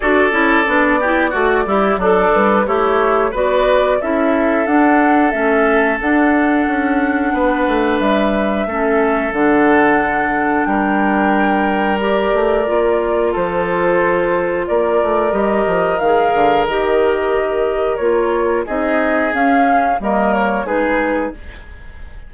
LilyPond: <<
  \new Staff \with { instrumentName = "flute" } { \time 4/4 \tempo 4 = 90 d''2. a'8 b'8 | cis''4 d''4 e''4 fis''4 | e''4 fis''2. | e''2 fis''2 |
g''2 d''2 | c''2 d''4 dis''4 | f''4 dis''2 cis''4 | dis''4 f''4 dis''8 cis''8 b'4 | }
  \new Staff \with { instrumentName = "oboe" } { \time 4/4 a'4. g'8 fis'8 e'8 d'4 | e'4 b'4 a'2~ | a'2. b'4~ | b'4 a'2. |
ais'1 | a'2 ais'2~ | ais'1 | gis'2 ais'4 gis'4 | }
  \new Staff \with { instrumentName = "clarinet" } { \time 4/4 fis'8 e'8 d'8 e'8 fis'8 g'8 a'4 | g'4 fis'4 e'4 d'4 | cis'4 d'2.~ | d'4 cis'4 d'2~ |
d'2 g'4 f'4~ | f'2. g'4 | gis'4 g'2 f'4 | dis'4 cis'4 ais4 dis'4 | }
  \new Staff \with { instrumentName = "bassoon" } { \time 4/4 d'8 cis'8 b4 a8 g8 fis8 g8 | a4 b4 cis'4 d'4 | a4 d'4 cis'4 b8 a8 | g4 a4 d2 |
g2~ g8 a8 ais4 | f2 ais8 a8 g8 f8 | dis8 d8 dis2 ais4 | c'4 cis'4 g4 gis4 | }
>>